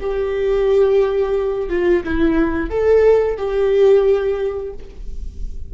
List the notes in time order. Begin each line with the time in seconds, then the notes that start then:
0.00 G4
1.69 F4
2.04 E4
2.70 A4
3.37 G4